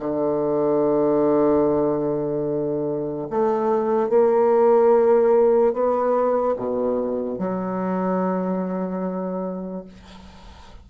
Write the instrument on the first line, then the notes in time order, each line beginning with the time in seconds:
bassoon
0.00 D3
3.31 A3
4.09 A#3
5.74 B3
6.57 B2
7.39 F#3